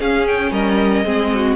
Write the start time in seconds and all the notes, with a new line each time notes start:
0.00 C#4 G#4 F5
0.28 G5
0.51 G3 A#4 D#5
1.05 G#3 C4 G#4
1.35 F#4